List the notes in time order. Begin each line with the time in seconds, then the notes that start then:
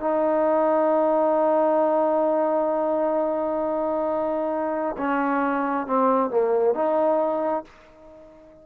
0.00 D#4
4.97 C#4
5.87 C4
6.30 A#3
6.74 D#4